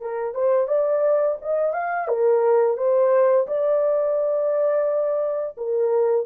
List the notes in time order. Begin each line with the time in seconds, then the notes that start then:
0.00 A#4
0.34 C5
0.67 D5
1.41 D#5
1.73 F5
2.08 A#4
2.77 C5
3.47 D5
5.57 A#4